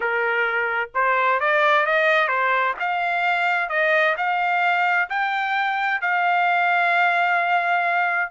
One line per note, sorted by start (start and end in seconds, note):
0.00 0.90 A#4
0.94 1.40 C5
1.40 1.86 D5
1.86 2.28 D#5
2.28 2.74 C5
2.79 3.69 F5
3.69 4.15 D#5
4.17 5.09 F5
5.09 6.01 G5
6.01 8.31 F5